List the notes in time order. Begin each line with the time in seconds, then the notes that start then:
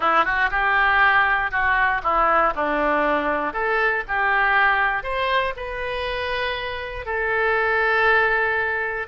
0.00 E4
0.25 F#4
0.50 G4
1.51 F#4
2.03 E4
2.55 D4
3.53 A4
4.07 G4
5.03 C5
5.56 B4
7.05 A4